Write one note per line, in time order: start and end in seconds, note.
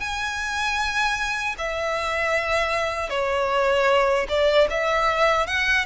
0.00 1.56 G#5
1.58 3.10 E5
3.10 4.27 C#5
4.29 4.68 D5
4.70 5.47 E5
5.47 5.85 F#5